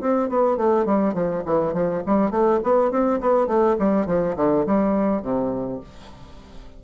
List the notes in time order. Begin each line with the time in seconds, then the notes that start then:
0.00 C4
0.29 B3
0.57 A3
0.85 G3
1.14 F3
1.45 E3
1.73 F3
2.06 G3
2.30 A3
2.63 B3
2.91 C4
3.21 B3
3.47 A3
3.79 G3
4.06 F3
4.36 D3
4.66 G3
5.22 C3